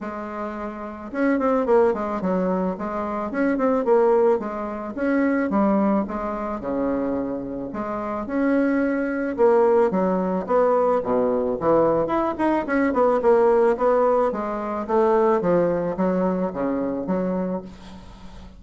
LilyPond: \new Staff \with { instrumentName = "bassoon" } { \time 4/4 \tempo 4 = 109 gis2 cis'8 c'8 ais8 gis8 | fis4 gis4 cis'8 c'8 ais4 | gis4 cis'4 g4 gis4 | cis2 gis4 cis'4~ |
cis'4 ais4 fis4 b4 | b,4 e4 e'8 dis'8 cis'8 b8 | ais4 b4 gis4 a4 | f4 fis4 cis4 fis4 | }